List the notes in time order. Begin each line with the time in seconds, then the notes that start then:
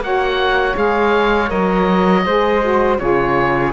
0.00 A#3 F#4 C#5 F#5
0.74 G#3 G#4 F5
1.48 F#3 A#4 D#5
2.25 G#3 G#4 C5
2.62 F#4
2.98 C#3 F4 G#4 C#5